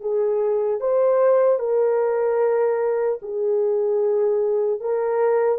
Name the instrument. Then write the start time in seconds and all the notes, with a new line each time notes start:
horn
0.00 G#4
0.80 C5
1.59 A#4
3.21 G#4
4.80 A#4